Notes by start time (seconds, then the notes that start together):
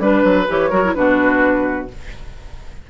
0.00 G3 D4 B4
0.24 F#3
0.48 E3 G4 C#5
0.70 F#3 F#4 A#4
0.85 E4
0.95 B2 D4 F#4 B4